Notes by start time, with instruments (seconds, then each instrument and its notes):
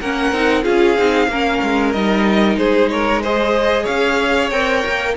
0.00 cello A#3, viola C#4, violin A#4 F#5
0.32 cello C4, viola D#4
0.63 cello C#4, viola F4, violin G#4 F5
0.98 cello C4, viola D#4
1.27 cello A#3, viola C#4, violin A#4
1.62 cello G#3
1.92 cello G3, viola D#4, violin D#5
2.56 cello G#3, violin G#4 C5
2.89 violin A#4 C#5
3.22 viola G#4, violin C5 D#5
3.83 cello C#4, violin C#5 F5
4.50 cello C4, viola A#4, violin G5
4.86 cello A#3